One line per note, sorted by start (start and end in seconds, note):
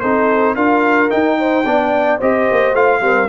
0.00 0.55 C4
0.00 0.57 D#4
0.00 0.55 A4
0.00 0.55 C5
0.55 1.10 D4
0.55 1.09 F4
0.55 1.37 A#4
0.55 1.10 F5
1.09 1.64 D#4
1.09 1.65 D#4
1.09 2.20 G5
1.39 1.65 C5
1.65 2.20 B3
1.65 2.20 D4
1.65 2.18 D5
2.18 2.49 C4
2.18 2.75 G4
2.18 3.00 C5
2.18 2.75 D#5
2.51 2.73 A#3
2.73 3.01 A3
2.73 3.01 F4
2.73 3.29 F5
3.01 3.28 G3
3.01 3.28 C4
3.01 3.29 A#4